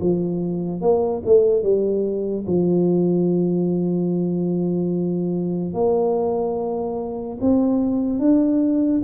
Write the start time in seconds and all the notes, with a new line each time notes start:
0.00 F3
0.81 A#3
1.26 A3
1.63 G3
2.47 F3
5.74 A#3
7.41 C4
8.19 D4